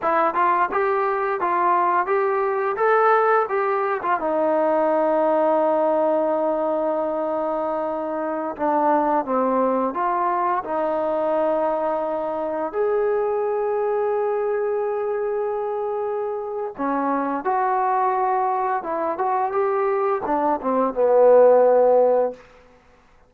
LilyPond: \new Staff \with { instrumentName = "trombone" } { \time 4/4 \tempo 4 = 86 e'8 f'8 g'4 f'4 g'4 | a'4 g'8. f'16 dis'2~ | dis'1~ | dis'16 d'4 c'4 f'4 dis'8.~ |
dis'2~ dis'16 gis'4.~ gis'16~ | gis'1 | cis'4 fis'2 e'8 fis'8 | g'4 d'8 c'8 b2 | }